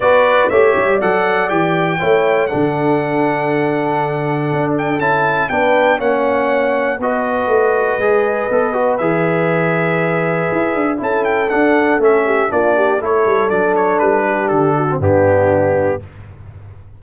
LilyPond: <<
  \new Staff \with { instrumentName = "trumpet" } { \time 4/4 \tempo 4 = 120 d''4 e''4 fis''4 g''4~ | g''4 fis''2.~ | fis''4. g''8 a''4 g''4 | fis''2 dis''2~ |
dis''2 e''2~ | e''2 a''8 g''8 fis''4 | e''4 d''4 cis''4 d''8 cis''8 | b'4 a'4 g'2 | }
  \new Staff \with { instrumentName = "horn" } { \time 4/4 b'4 cis''4 d''2 | cis''4 a'2.~ | a'2. b'4 | cis''2 b'2~ |
b'1~ | b'2 a'2~ | a'8 g'8 f'8 g'8 a'2~ | a'8 g'4 fis'8 d'2 | }
  \new Staff \with { instrumentName = "trombone" } { \time 4/4 fis'4 g'4 a'4 g'4 | e'4 d'2.~ | d'2 e'4 d'4 | cis'2 fis'2 |
gis'4 a'8 fis'8 gis'2~ | gis'2 e'4 d'4 | cis'4 d'4 e'4 d'4~ | d'4.~ d'16 c'16 b2 | }
  \new Staff \with { instrumentName = "tuba" } { \time 4/4 b4 a8 g8 fis4 e4 | a4 d2.~ | d4 d'4 cis'4 b4 | ais2 b4 a4 |
gis4 b4 e2~ | e4 e'8 d'8 cis'4 d'4 | a4 ais4 a8 g8 fis4 | g4 d4 g,2 | }
>>